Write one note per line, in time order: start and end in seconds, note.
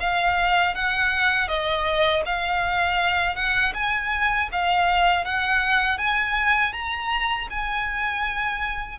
0.00 0.75 F5
0.75 1.48 F#5
1.48 2.23 D#5
2.25 3.35 F5
3.35 3.73 F#5
3.74 4.49 G#5
4.52 5.25 F5
5.25 5.98 F#5
5.98 6.73 G#5
6.73 7.48 A#5
7.50 8.99 G#5